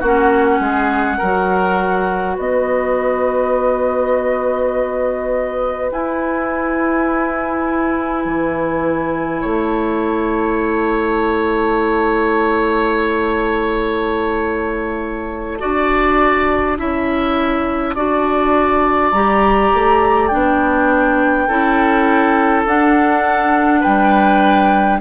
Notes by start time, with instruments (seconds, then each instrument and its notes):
0.00 bassoon A#3, clarinet C#4, oboe F#4, flute F#5
0.59 bassoon G#3, oboe G#4
1.18 bassoon F#3, clarinet F#4, oboe A#4
2.35 bassoon B3, oboe B4, flute D#5
5.92 bassoon E4, clarinet E4, flute G#5
8.25 bassoon E3
9.41 bassoon A3, oboe C#5, flute A5
15.60 bassoon D4, clarinet F#4, oboe D5
16.77 bassoon C#4, clarinet E4, oboe E5
17.95 bassoon D4, clarinet F#4, oboe D5
19.12 bassoon G3, clarinet G4, flute A#5
19.74 bassoon A3
20.27 bassoon B3, clarinet D4, flute G5
21.48 bassoon C#4, clarinet E4, oboe A4
22.65 bassoon D4, clarinet D4, flute F#5
23.80 bassoon G3, oboe B4, flute G5